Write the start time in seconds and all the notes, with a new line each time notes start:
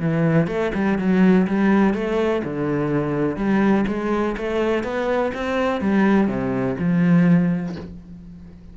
0.00 E3
0.47 A3
0.74 G3
0.98 F#3
1.47 G3
1.94 A3
2.44 D3
3.36 G3
3.88 G#3
4.37 A3
4.83 B3
5.34 C4
5.81 G3
6.27 C3
6.79 F3